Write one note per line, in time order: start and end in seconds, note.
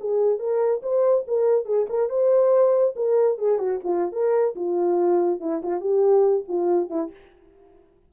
0.00 0.39 G#4
0.39 0.81 A#4
0.82 1.25 C5
1.27 1.65 A#4
1.65 1.86 G#4
1.89 2.09 A#4
2.09 2.95 C5
2.96 3.38 A#4
3.38 3.59 G#4
3.59 3.80 F#4
3.84 4.12 F4
4.12 4.55 A#4
4.56 5.40 F4
5.40 5.62 E4
5.63 5.80 F4
5.80 6.44 G4
6.48 6.90 F4
6.90 7.11 E4